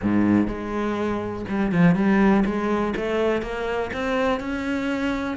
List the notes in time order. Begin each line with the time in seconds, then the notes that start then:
0.02 G#2
0.47 G#3
1.48 G3
1.72 F3
1.95 G3
2.45 G#3
2.96 A3
3.42 A#3
3.93 C4
4.40 C#4